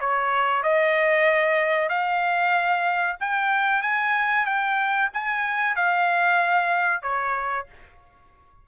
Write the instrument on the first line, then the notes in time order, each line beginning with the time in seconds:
trumpet
0.00 C#5
0.63 D#5
1.89 F5
3.20 G5
3.82 G#5
4.45 G5
5.13 G#5
5.75 F5
7.02 C#5